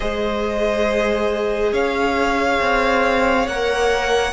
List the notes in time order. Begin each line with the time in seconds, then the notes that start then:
0.00 G#3 G#4 C5 D#5
1.72 C#4 C#5 F5
2.60 C4
3.47 A#3 A#4 F#5